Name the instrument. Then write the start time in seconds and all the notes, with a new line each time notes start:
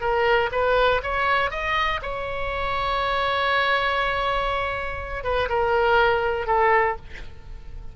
oboe
0.00 A#4
0.51 B4
1.03 C#5
1.50 D#5
2.02 C#5
5.24 B4
5.49 A#4
6.46 A4